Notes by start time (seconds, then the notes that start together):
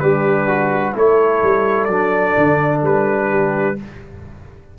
0.00 G3 D4 G4 B4
0.48 F#4
0.95 A3 E4 A4 C#5
1.43 G3
1.85 F#3 D4 D5
2.38 D3
2.83 G3 B4
3.29 G4